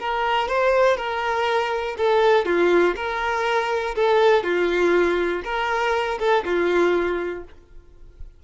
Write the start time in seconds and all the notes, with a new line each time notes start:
0.00 A#4
0.48 C5
0.97 A#4
1.98 A4
2.46 F4
2.96 A#4
3.96 A4
4.44 F4
5.45 A#4
6.20 A4
6.45 F4